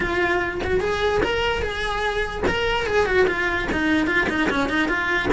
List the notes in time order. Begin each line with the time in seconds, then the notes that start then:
0.00 F4
0.63 F#4
0.80 G#4
1.22 A#4
1.61 G#4
2.47 A#4
2.86 G#4
3.05 F#4
3.27 F4
3.72 D#4
4.06 F4
4.29 D#4
4.50 C#4
4.69 D#4
4.88 F4